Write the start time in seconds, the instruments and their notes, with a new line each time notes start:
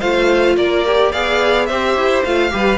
0.00 cello A3, viola F4, violin C5 F5
0.57 cello A#3, violin A#4 D5
0.86 viola G4
1.12 cello B3, viola G#4, violin D5 F5
1.66 cello C4, viola G4, violin C5 E5
1.96 cello E4
2.24 cello A3, viola F4, violin F5
2.51 cello G3, viola G4, violin B4